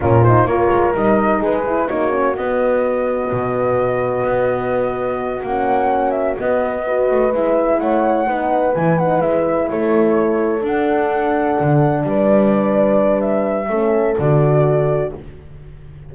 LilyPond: <<
  \new Staff \with { instrumentName = "flute" } { \time 4/4 \tempo 4 = 127 ais'8 c''8 cis''4 dis''4 b'4 | cis''4 dis''2.~ | dis''2.~ dis''8 fis''8~ | fis''4 e''8 dis''2 e''8~ |
e''8 fis''2 gis''8 fis''8 e''8~ | e''8 cis''2 fis''4.~ | fis''4. d''2~ d''8 | e''2 d''2 | }
  \new Staff \with { instrumentName = "horn" } { \time 4/4 f'4 ais'2 gis'4 | fis'1~ | fis'1~ | fis'2~ fis'8 b'4.~ |
b'8 cis''4 b'2~ b'8~ | b'8 a'2.~ a'8~ | a'4. b'2~ b'8~ | b'4 a'2. | }
  \new Staff \with { instrumentName = "horn" } { \time 4/4 cis'8 dis'8 f'4 dis'4. e'8 | dis'8 cis'8 b2.~ | b2.~ b8 cis'8~ | cis'4. b4 fis'4 e'8~ |
e'4. dis'4 e'8 dis'8 e'8~ | e'2~ e'8 d'4.~ | d'1~ | d'4 cis'4 fis'2 | }
  \new Staff \with { instrumentName = "double bass" } { \time 4/4 ais,4 ais8 gis8 g4 gis4 | ais4 b2 b,4~ | b,4 b2~ b8 ais8~ | ais4. b4. a8 gis8~ |
gis8 a4 b4 e4 gis8~ | gis8 a2 d'4.~ | d'8 d4 g2~ g8~ | g4 a4 d2 | }
>>